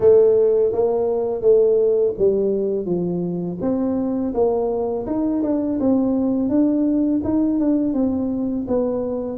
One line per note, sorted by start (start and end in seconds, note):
0.00 0.72 A3
0.72 1.41 A#3
1.41 2.14 A3
2.18 2.86 G3
2.86 3.58 F3
3.61 4.33 C4
4.33 5.06 A#3
5.06 5.42 D#4
5.42 5.79 D4
5.80 6.49 C4
6.49 7.21 D4
7.24 7.59 D#4
7.59 7.93 D4
7.93 8.65 C4
8.67 9.37 B3